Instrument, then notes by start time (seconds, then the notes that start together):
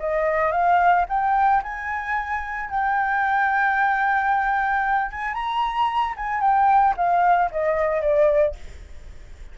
flute
0.00 D#5
0.52 F5
1.09 G5
1.63 G#5
2.71 G5
5.12 G#5
5.34 A#5
6.17 G#5
6.41 G5
6.97 F5
7.51 D#5
8.02 D5